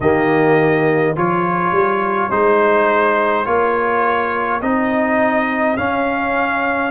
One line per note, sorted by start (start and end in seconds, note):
0.00 1.13 D#3
0.00 1.16 A#3
0.00 1.16 G4
0.00 1.16 D#5
1.16 1.71 F3
1.16 2.31 F4
1.16 6.91 G#4
1.16 2.31 C#5
1.71 2.29 G3
2.31 3.46 G#3
2.31 3.45 D#4
2.31 3.45 C5
3.45 4.61 A#3
3.45 4.60 F4
3.45 4.61 C#5
4.61 5.77 C4
4.61 5.77 D#4
4.61 5.76 D#5
5.76 6.91 C#4
5.76 6.91 F5